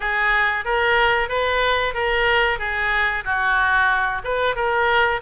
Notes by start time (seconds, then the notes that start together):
0.00 G#4
0.64 A#4
1.29 B4
1.94 A#4
2.58 G#4
3.24 F#4
4.24 B4
4.55 A#4